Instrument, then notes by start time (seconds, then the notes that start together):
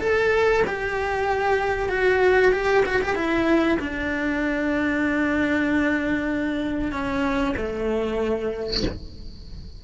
cello
0.00 A4
0.67 G4
1.89 F#4
2.52 G4
2.86 F#4
3.02 G4
3.16 E4
3.80 D4
6.92 C#4
7.57 A3